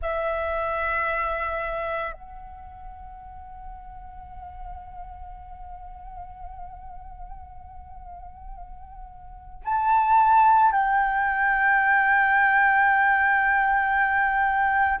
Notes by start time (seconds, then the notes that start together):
0.01 E5
2.12 F#5
9.64 A5
10.71 G5